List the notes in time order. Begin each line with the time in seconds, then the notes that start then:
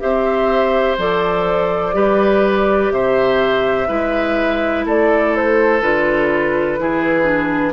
0.00 C4 G4 C5 E5
0.98 F3 A4 D5
1.94 G3 G4 B4
2.92 C3 C5 E5
3.87 G#3 E4 B4
4.85 A3 A4 D5
5.36 C5
5.81 D3 F4 B4
6.78 E3 E4 G#4
7.24 D4